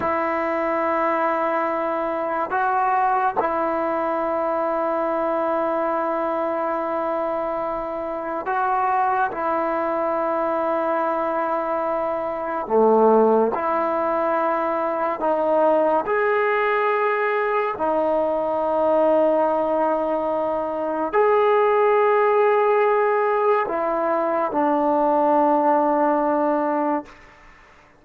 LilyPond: \new Staff \with { instrumentName = "trombone" } { \time 4/4 \tempo 4 = 71 e'2. fis'4 | e'1~ | e'2 fis'4 e'4~ | e'2. a4 |
e'2 dis'4 gis'4~ | gis'4 dis'2.~ | dis'4 gis'2. | e'4 d'2. | }